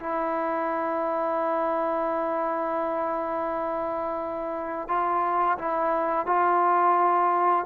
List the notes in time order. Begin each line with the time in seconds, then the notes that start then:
0.00 E4
4.88 F4
5.58 E4
6.26 F4